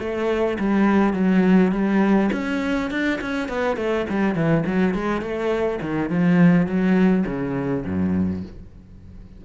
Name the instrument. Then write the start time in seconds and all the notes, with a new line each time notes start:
cello
0.00 A3
0.59 G3
1.14 F#3
1.72 G3
2.32 C#4
2.91 D4
3.21 C#4
3.49 B3
3.77 A3
4.10 G3
4.35 E3
4.67 F#3
4.95 G#3
5.22 A3
5.82 D#3
6.10 F3
6.67 F#3
7.26 C#3
7.86 F#2